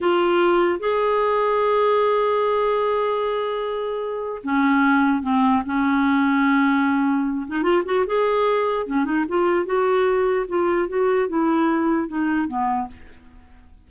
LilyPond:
\new Staff \with { instrumentName = "clarinet" } { \time 4/4 \tempo 4 = 149 f'2 gis'2~ | gis'1~ | gis'2. cis'4~ | cis'4 c'4 cis'2~ |
cis'2~ cis'8 dis'8 f'8 fis'8 | gis'2 cis'8 dis'8 f'4 | fis'2 f'4 fis'4 | e'2 dis'4 b4 | }